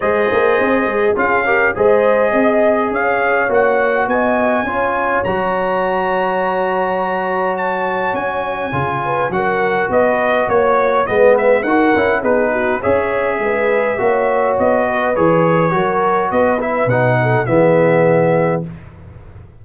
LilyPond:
<<
  \new Staff \with { instrumentName = "trumpet" } { \time 4/4 \tempo 4 = 103 dis''2 f''4 dis''4~ | dis''4 f''4 fis''4 gis''4~ | gis''4 ais''2.~ | ais''4 a''4 gis''2 |
fis''4 dis''4 cis''4 dis''8 e''8 | fis''4 b'4 e''2~ | e''4 dis''4 cis''2 | dis''8 e''8 fis''4 e''2 | }
  \new Staff \with { instrumentName = "horn" } { \time 4/4 c''2 gis'8 ais'8 c''4 | dis''4 cis''2 dis''4 | cis''1~ | cis''2.~ cis''8 b'8 |
ais'4 b'4 cis''4 b'4 | ais'4 gis'8 fis'8 cis''4 b'4 | cis''4. b'4. ais'4 | b'4. a'8 gis'2 | }
  \new Staff \with { instrumentName = "trombone" } { \time 4/4 gis'2 f'8 g'8 gis'4~ | gis'2 fis'2 | f'4 fis'2.~ | fis'2. f'4 |
fis'2. b4 | fis'8 e'8 dis'4 gis'2 | fis'2 gis'4 fis'4~ | fis'8 e'8 dis'4 b2 | }
  \new Staff \with { instrumentName = "tuba" } { \time 4/4 gis8 ais8 c'8 gis8 cis'4 gis4 | c'4 cis'4 ais4 b4 | cis'4 fis2.~ | fis2 cis'4 cis4 |
fis4 b4 ais4 gis4 | dis'8 cis'8 b4 cis'4 gis4 | ais4 b4 e4 fis4 | b4 b,4 e2 | }
>>